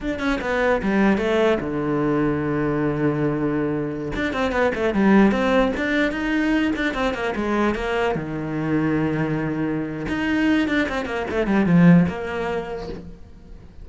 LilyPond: \new Staff \with { instrumentName = "cello" } { \time 4/4 \tempo 4 = 149 d'8 cis'8 b4 g4 a4 | d1~ | d2~ d16 d'8 c'8 b8 a16~ | a16 g4 c'4 d'4 dis'8.~ |
dis'8. d'8 c'8 ais8 gis4 ais8.~ | ais16 dis2.~ dis8.~ | dis4 dis'4. d'8 c'8 ais8 | a8 g8 f4 ais2 | }